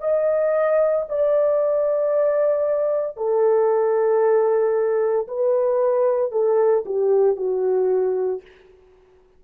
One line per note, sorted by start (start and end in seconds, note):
0.00 1.05 D#5
1.09 3.16 D5
3.16 5.27 A4
5.27 6.32 B4
6.32 6.84 A4
6.85 7.36 G4
7.36 8.42 F#4